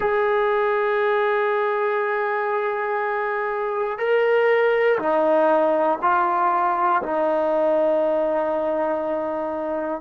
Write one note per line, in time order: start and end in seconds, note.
0.00 3.98 G#4
3.98 4.98 A#4
4.98 5.98 D#4
6.02 7.02 F4
7.02 10.01 D#4